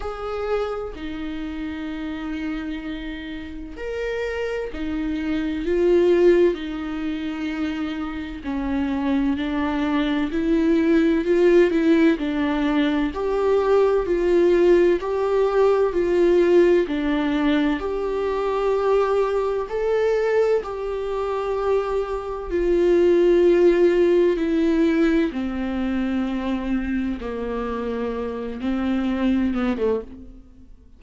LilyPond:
\new Staff \with { instrumentName = "viola" } { \time 4/4 \tempo 4 = 64 gis'4 dis'2. | ais'4 dis'4 f'4 dis'4~ | dis'4 cis'4 d'4 e'4 | f'8 e'8 d'4 g'4 f'4 |
g'4 f'4 d'4 g'4~ | g'4 a'4 g'2 | f'2 e'4 c'4~ | c'4 ais4. c'4 b16 a16 | }